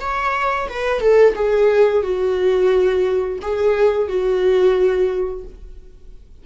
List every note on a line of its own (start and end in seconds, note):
0.00 0.68 C#5
0.69 1.00 B4
1.00 1.35 A4
1.35 2.03 G#4
2.03 3.39 F#4
3.42 4.08 G#4
4.08 5.44 F#4